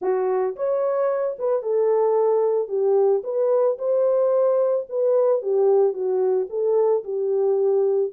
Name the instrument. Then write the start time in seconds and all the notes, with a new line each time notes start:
horn
0.01 F#4
0.56 C#5
1.39 B4
1.62 A4
2.68 G4
3.23 B4
3.78 C5
4.89 B4
5.42 G4
5.93 F#4
6.49 A4
7.04 G4